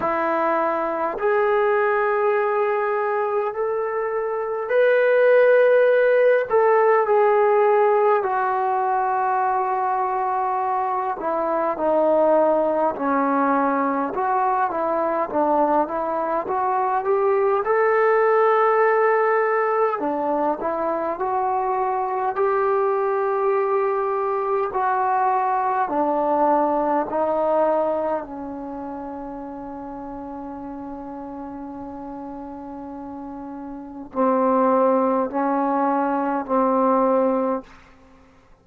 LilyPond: \new Staff \with { instrumentName = "trombone" } { \time 4/4 \tempo 4 = 51 e'4 gis'2 a'4 | b'4. a'8 gis'4 fis'4~ | fis'4. e'8 dis'4 cis'4 | fis'8 e'8 d'8 e'8 fis'8 g'8 a'4~ |
a'4 d'8 e'8 fis'4 g'4~ | g'4 fis'4 d'4 dis'4 | cis'1~ | cis'4 c'4 cis'4 c'4 | }